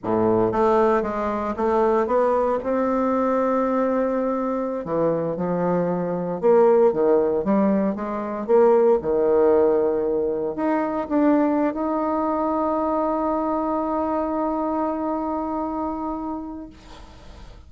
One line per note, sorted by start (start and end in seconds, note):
0.03 0.51 A2
0.51 1.02 A3
1.02 1.54 G#3
1.56 2.06 A3
2.06 2.58 B3
2.63 4.84 C4
4.84 5.36 E3
5.36 6.40 F3
6.40 6.92 A#3
6.92 7.44 D#3
7.44 7.95 G3
7.95 8.46 G#3
8.46 8.99 A#3
9.01 10.55 D#3
10.55 11.07 D#4
11.08 11.73 D4
11.73 16.69 D#4